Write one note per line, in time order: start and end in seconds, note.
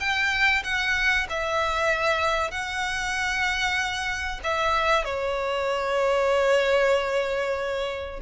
0.00 0.63 G5
0.64 1.27 F#5
1.29 2.51 E5
2.51 4.40 F#5
4.44 5.05 E5
5.05 8.20 C#5